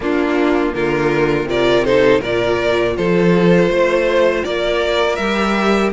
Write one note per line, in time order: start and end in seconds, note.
0.00 0.73 A#3
0.00 1.48 A#3
0.00 0.73 D4
0.00 0.74 F4
0.73 1.45 D3
0.73 1.48 F4
0.73 1.48 A#4
1.45 2.19 C3
1.45 1.85 F4
1.45 1.85 A#4
1.45 1.84 D5
1.84 2.22 D#4
1.84 2.20 A4
1.84 2.21 C5
2.20 2.97 A#2
2.20 5.19 F4
2.20 2.94 A#4
2.20 2.96 D5
2.96 3.69 F3
2.96 3.71 A4
2.96 4.44 C5
3.69 4.43 A3
3.69 4.45 C5
4.44 5.18 A#3
4.44 5.92 A#4
4.44 5.15 D5
5.15 5.92 G3
5.15 5.92 G4
5.15 5.89 E5